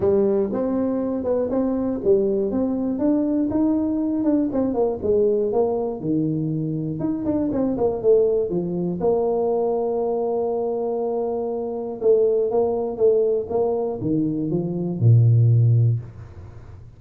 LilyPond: \new Staff \with { instrumentName = "tuba" } { \time 4/4 \tempo 4 = 120 g4 c'4. b8 c'4 | g4 c'4 d'4 dis'4~ | dis'8 d'8 c'8 ais8 gis4 ais4 | dis2 dis'8 d'8 c'8 ais8 |
a4 f4 ais2~ | ais1 | a4 ais4 a4 ais4 | dis4 f4 ais,2 | }